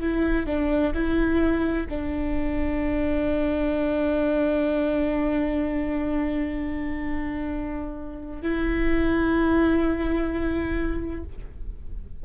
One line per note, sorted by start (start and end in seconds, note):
0.00 0.46 E4
0.46 0.93 D4
0.94 1.87 E4
1.89 8.42 D4
8.42 11.23 E4